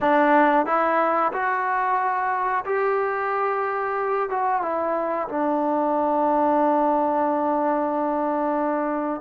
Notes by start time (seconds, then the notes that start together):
0.00 D4
0.66 E4
1.32 F#4
2.65 G4
4.29 F#4
4.62 E4
5.28 D4